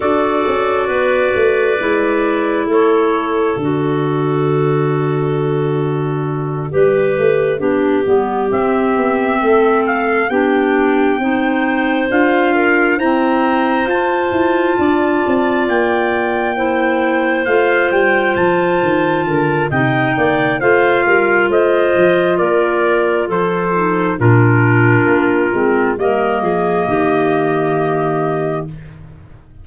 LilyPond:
<<
  \new Staff \with { instrumentName = "trumpet" } { \time 4/4 \tempo 4 = 67 d''2. cis''4 | d''1~ | d''4. e''4. f''8 g''8~ | g''4. f''4 ais''4 a''8~ |
a''4. g''2 f''8 | g''8 a''4. g''4 f''4 | dis''4 d''4 c''4 ais'4~ | ais'4 dis''2. | }
  \new Staff \with { instrumentName = "clarinet" } { \time 4/4 a'4 b'2 a'4~ | a'2.~ a'8 b'8~ | b'8 g'2 a'4 g'8~ | g'8 c''4. ais'8 c''4.~ |
c''8 d''2 c''4.~ | c''4. ais'8 dis''8 d''8 c''8 ais'8 | c''4 ais'4 a'4 f'4~ | f'4 ais'8 gis'8 g'2 | }
  \new Staff \with { instrumentName = "clarinet" } { \time 4/4 fis'2 e'2 | fis'2.~ fis'8 g'8~ | g'8 d'8 b8 c'2 d'8~ | d'8 dis'4 f'4 c'4 f'8~ |
f'2~ f'8 e'4 f'8~ | f'2 dis'4 f'4~ | f'2~ f'8 dis'8 d'4~ | d'8 c'8 ais2. | }
  \new Staff \with { instrumentName = "tuba" } { \time 4/4 d'8 cis'8 b8 a8 gis4 a4 | d2.~ d8 g8 | a8 b8 g8 c'8 b8 a4 b8~ | b8 c'4 d'4 e'4 f'8 |
e'8 d'8 c'8 ais2 a8 | g8 f8 dis8 d8 c8 ais8 a8 g8 | a8 f8 ais4 f4 ais,4 | ais8 gis8 g8 f8 dis2 | }
>>